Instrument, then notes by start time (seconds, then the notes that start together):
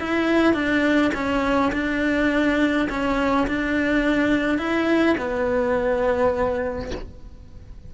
cello
0.00 E4
0.54 D4
1.14 C#4
1.73 D4
2.90 C#4
3.47 D4
4.58 E4
5.18 B3